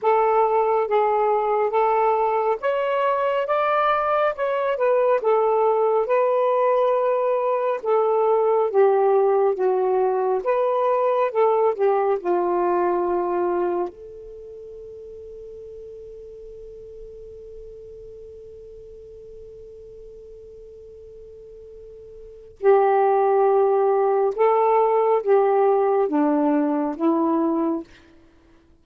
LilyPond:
\new Staff \with { instrumentName = "saxophone" } { \time 4/4 \tempo 4 = 69 a'4 gis'4 a'4 cis''4 | d''4 cis''8 b'8 a'4 b'4~ | b'4 a'4 g'4 fis'4 | b'4 a'8 g'8 f'2 |
a'1~ | a'1~ | a'2 g'2 | a'4 g'4 d'4 e'4 | }